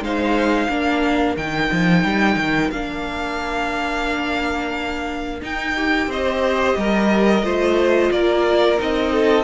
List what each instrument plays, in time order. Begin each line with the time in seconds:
0.00 cello G#3, viola D#4, violin C5 F5
0.69 cello A#3, viola D4, violin A#4
1.36 cello D#3, viola D#4, violin G5
1.71 cello F3
2.04 cello G3
2.35 cello D#3
2.70 cello A#3, viola D4, violin F5
5.41 viola D#4, cello D#4, violin G5
5.76 viola G4
6.07 cello C4, violin C5 D#5
6.76 cello G3, violin A#4
7.42 cello A3, viola F4, violin C5
8.11 cello A#3, violin A#4 D5
8.78 cello C4, viola D#4, violin D#5
9.12 violin A4